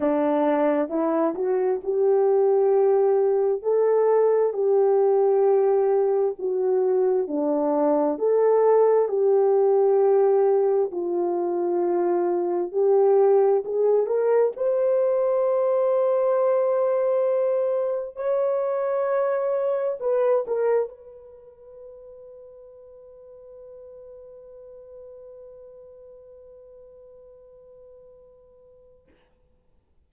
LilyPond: \new Staff \with { instrumentName = "horn" } { \time 4/4 \tempo 4 = 66 d'4 e'8 fis'8 g'2 | a'4 g'2 fis'4 | d'4 a'4 g'2 | f'2 g'4 gis'8 ais'8 |
c''1 | cis''2 b'8 ais'8 b'4~ | b'1~ | b'1 | }